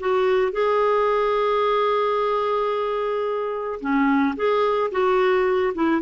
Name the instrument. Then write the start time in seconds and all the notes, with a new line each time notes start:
clarinet
0.00 F#4
0.52 G#4
3.81 C#4
4.36 G#4
4.92 F#4
5.74 E4